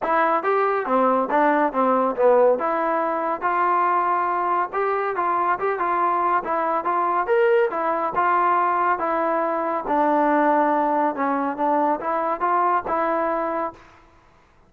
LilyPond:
\new Staff \with { instrumentName = "trombone" } { \time 4/4 \tempo 4 = 140 e'4 g'4 c'4 d'4 | c'4 b4 e'2 | f'2. g'4 | f'4 g'8 f'4. e'4 |
f'4 ais'4 e'4 f'4~ | f'4 e'2 d'4~ | d'2 cis'4 d'4 | e'4 f'4 e'2 | }